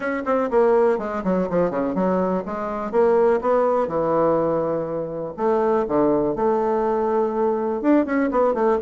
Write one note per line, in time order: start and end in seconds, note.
0.00 0.23 C#4
0.25 0.49 C4
0.50 0.98 A#3
0.98 1.23 G#3
1.24 1.48 F#3
1.49 1.70 F3
1.70 1.94 C#3
1.94 2.43 F#3
2.45 2.91 G#3
2.91 3.40 A#3
3.41 3.87 B3
3.87 5.33 E3
5.37 5.85 A3
5.88 6.35 D3
6.35 7.81 A3
7.81 8.05 D4
8.05 8.30 C#4
8.31 8.53 B3
8.53 8.78 A3